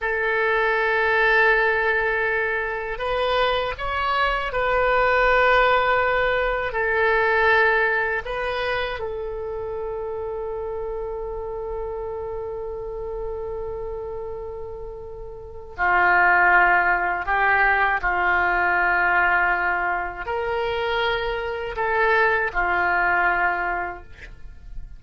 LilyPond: \new Staff \with { instrumentName = "oboe" } { \time 4/4 \tempo 4 = 80 a'1 | b'4 cis''4 b'2~ | b'4 a'2 b'4 | a'1~ |
a'1~ | a'4 f'2 g'4 | f'2. ais'4~ | ais'4 a'4 f'2 | }